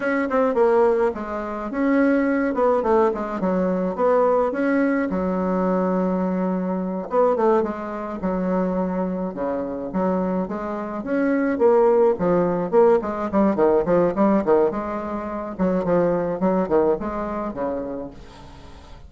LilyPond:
\new Staff \with { instrumentName = "bassoon" } { \time 4/4 \tempo 4 = 106 cis'8 c'8 ais4 gis4 cis'4~ | cis'8 b8 a8 gis8 fis4 b4 | cis'4 fis2.~ | fis8 b8 a8 gis4 fis4.~ |
fis8 cis4 fis4 gis4 cis'8~ | cis'8 ais4 f4 ais8 gis8 g8 | dis8 f8 g8 dis8 gis4. fis8 | f4 fis8 dis8 gis4 cis4 | }